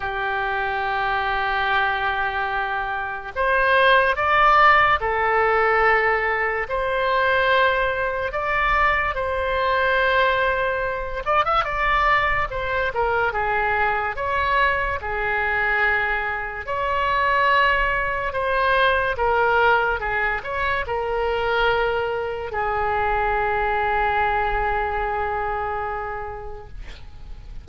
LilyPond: \new Staff \with { instrumentName = "oboe" } { \time 4/4 \tempo 4 = 72 g'1 | c''4 d''4 a'2 | c''2 d''4 c''4~ | c''4. d''16 e''16 d''4 c''8 ais'8 |
gis'4 cis''4 gis'2 | cis''2 c''4 ais'4 | gis'8 cis''8 ais'2 gis'4~ | gis'1 | }